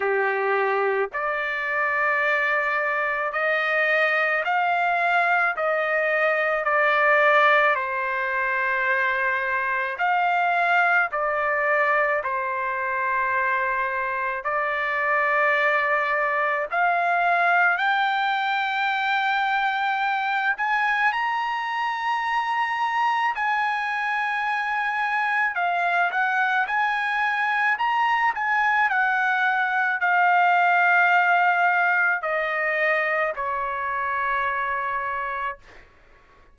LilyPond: \new Staff \with { instrumentName = "trumpet" } { \time 4/4 \tempo 4 = 54 g'4 d''2 dis''4 | f''4 dis''4 d''4 c''4~ | c''4 f''4 d''4 c''4~ | c''4 d''2 f''4 |
g''2~ g''8 gis''8 ais''4~ | ais''4 gis''2 f''8 fis''8 | gis''4 ais''8 gis''8 fis''4 f''4~ | f''4 dis''4 cis''2 | }